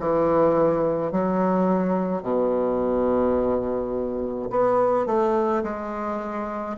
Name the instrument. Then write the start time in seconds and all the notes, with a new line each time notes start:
bassoon
0.00 E3
1.12 F#3
2.23 B2
4.50 B3
5.06 A3
5.63 G#3